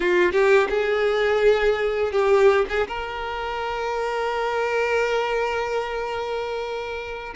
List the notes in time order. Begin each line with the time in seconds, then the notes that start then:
0.00 F4
0.32 G4
0.69 G#4
2.11 G4
2.69 G#4
2.87 A#4